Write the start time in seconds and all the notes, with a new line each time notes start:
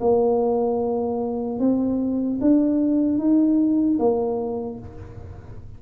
0.00 A#3
1.59 C4
2.41 D4
3.18 D#4
3.99 A#3